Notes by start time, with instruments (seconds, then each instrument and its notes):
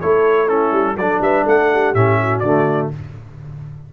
0.00 tuba A3, trombone E4, horn A4, trumpet C#5
0.47 trombone C#4, horn E4, trumpet A4
0.71 tuba G3
0.96 tuba F#3, trombone D4, horn A4, trumpet D5
1.21 tuba G3, horn B4, trumpet E5
1.43 tuba A3, horn A4, trumpet F#5
1.73 horn G4
1.94 tuba A2, trombone C#4, trumpet E5
2.20 horn F#4
2.39 tuba D3, trombone A3, trumpet D5